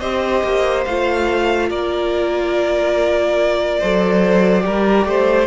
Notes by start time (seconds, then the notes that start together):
0.00 C4 G4 C5 D#5
0.44 A#3
0.85 A3 F4 F5
1.70 A#3 A#4 D5
3.79 F#3 A4 C5
4.62 G3 G4 A#4
5.06 A3 C5